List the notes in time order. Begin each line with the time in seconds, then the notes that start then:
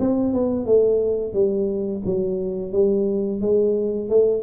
0.00 C4
0.34 B3
0.66 A3
1.34 G3
2.06 F#3
2.72 G3
3.41 G#3
4.09 A3